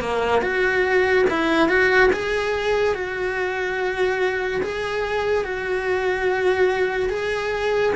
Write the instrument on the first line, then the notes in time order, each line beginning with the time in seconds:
cello
0.00 A#3
0.42 F#4
1.30 E4
1.69 F#4
2.12 G#4
2.94 F#4
4.62 G#4
5.44 F#4
7.09 G#4